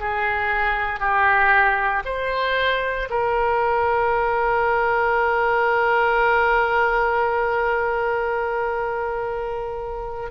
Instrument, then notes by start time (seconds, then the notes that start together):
oboe
0.00 G#4
1.00 G4
2.05 C5
3.10 A#4